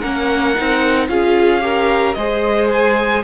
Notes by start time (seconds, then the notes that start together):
0.00 A#3 C#4 A#4 F#5
0.55 C4 D#4
1.08 C#4 F4 G#4 F5
1.60 G4 A#4
2.14 G#3 G#4 C5 D#5
2.70 G#5